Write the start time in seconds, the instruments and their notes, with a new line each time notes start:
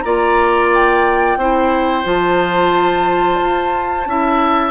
0.00 bassoon A#3, clarinet F4, oboe D5, flute A#5
0.73 flute G5
1.36 bassoon C4, clarinet E4, oboe C5
2.04 bassoon F3, clarinet F4, flute A5
3.40 bassoon F4
4.05 bassoon C#4, clarinet E4, oboe E5